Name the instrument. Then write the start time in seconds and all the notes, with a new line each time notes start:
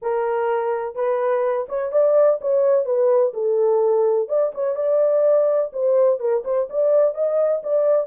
horn
0.02 A#4
0.95 B4
1.68 C#5
1.92 D5
2.41 C#5
2.85 B4
3.33 A4
4.28 D5
4.54 C#5
4.75 D5
5.72 C5
6.19 A#4
6.44 C5
6.69 D5
7.14 D#5
7.63 D5